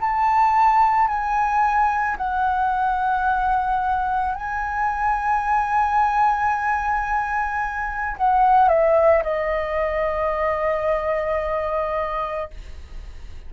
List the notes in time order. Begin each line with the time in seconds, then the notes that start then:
0.00 A5
1.08 G#5
2.17 F#5
4.35 G#5
8.17 F#5
8.68 E5
9.23 D#5